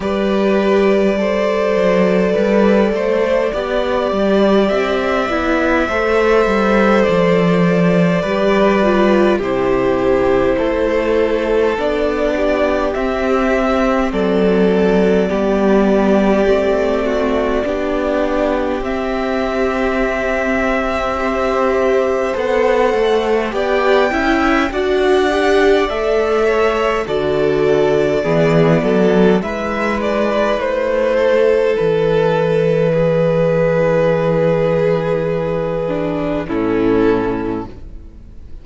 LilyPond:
<<
  \new Staff \with { instrumentName = "violin" } { \time 4/4 \tempo 4 = 51 d''1 | e''2 d''2 | c''2 d''4 e''4 | d''1 |
e''2. fis''4 | g''4 fis''4 e''4 d''4~ | d''4 e''8 d''8 c''4 b'4~ | b'2. a'4 | }
  \new Staff \with { instrumentName = "violin" } { \time 4/4 b'4 c''4 b'8 c''8 d''4~ | d''4 c''2 b'4 | g'4 a'4. g'4. | a'4 g'4. fis'8 g'4~ |
g'2 c''2 | d''8 e''8 d''4. cis''8 a'4 | gis'8 a'8 b'4. a'4. | gis'2. e'4 | }
  \new Staff \with { instrumentName = "viola" } { \time 4/4 g'4 a'2 g'4~ | g'8 e'8 a'2 g'8 f'8 | e'2 d'4 c'4~ | c'4 b4 c'4 d'4 |
c'2 g'4 a'4 | g'8 e'8 fis'8 g'8 a'4 fis'4 | b4 e'2.~ | e'2~ e'8 d'8 cis'4 | }
  \new Staff \with { instrumentName = "cello" } { \time 4/4 g4. fis8 g8 a8 b8 g8 | c'8 b8 a8 g8 f4 g4 | c4 a4 b4 c'4 | fis4 g4 a4 b4 |
c'2. b8 a8 | b8 cis'8 d'4 a4 d4 | e8 fis8 gis4 a4 e4~ | e2. a,4 | }
>>